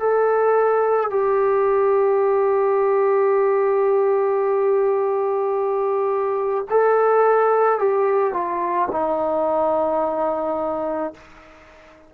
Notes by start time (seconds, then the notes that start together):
0.00 A4
1.10 G4
6.70 A4
7.79 G4
8.33 F4
8.91 D#4